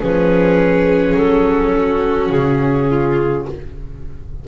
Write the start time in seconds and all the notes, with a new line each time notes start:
0.00 F3 C#4 G#4 B4
1.14 F#3 A4
1.77 F#4
2.30 C#3 G#4
2.90 F4